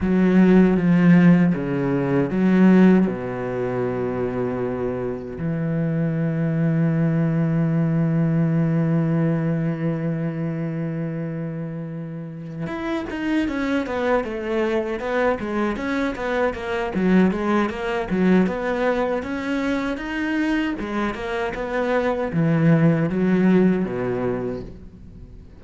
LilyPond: \new Staff \with { instrumentName = "cello" } { \time 4/4 \tempo 4 = 78 fis4 f4 cis4 fis4 | b,2. e4~ | e1~ | e1~ |
e8 e'8 dis'8 cis'8 b8 a4 b8 | gis8 cis'8 b8 ais8 fis8 gis8 ais8 fis8 | b4 cis'4 dis'4 gis8 ais8 | b4 e4 fis4 b,4 | }